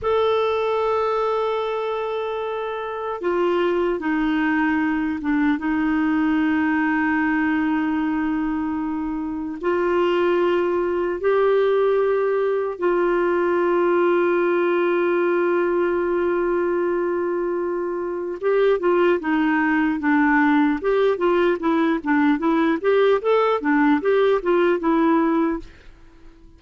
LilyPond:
\new Staff \with { instrumentName = "clarinet" } { \time 4/4 \tempo 4 = 75 a'1 | f'4 dis'4. d'8 dis'4~ | dis'1 | f'2 g'2 |
f'1~ | f'2. g'8 f'8 | dis'4 d'4 g'8 f'8 e'8 d'8 | e'8 g'8 a'8 d'8 g'8 f'8 e'4 | }